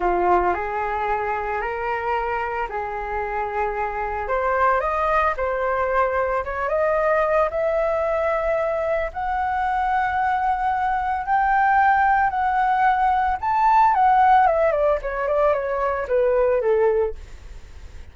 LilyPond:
\new Staff \with { instrumentName = "flute" } { \time 4/4 \tempo 4 = 112 f'4 gis'2 ais'4~ | ais'4 gis'2. | c''4 dis''4 c''2 | cis''8 dis''4. e''2~ |
e''4 fis''2.~ | fis''4 g''2 fis''4~ | fis''4 a''4 fis''4 e''8 d''8 | cis''8 d''8 cis''4 b'4 a'4 | }